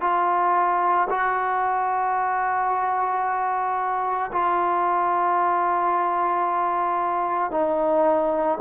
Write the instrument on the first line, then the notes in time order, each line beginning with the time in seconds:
trombone
0.00 F4
1.10 F#4
4.31 F4
7.50 D#4